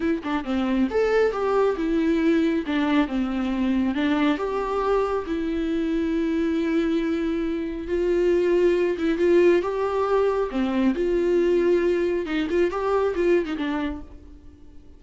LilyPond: \new Staff \with { instrumentName = "viola" } { \time 4/4 \tempo 4 = 137 e'8 d'8 c'4 a'4 g'4 | e'2 d'4 c'4~ | c'4 d'4 g'2 | e'1~ |
e'2 f'2~ | f'8 e'8 f'4 g'2 | c'4 f'2. | dis'8 f'8 g'4 f'8. dis'16 d'4 | }